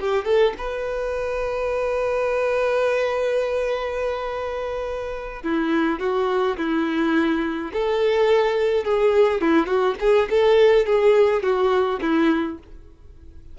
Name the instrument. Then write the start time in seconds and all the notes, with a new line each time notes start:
violin
0.00 G4
0.25 A4
0.58 B4
5.43 E4
5.99 F#4
6.57 E4
7.73 A4
8.84 G#4
9.41 E4
9.66 F#4
10.00 G#4
10.30 A4
10.86 G#4
11.43 F#4
12.01 E4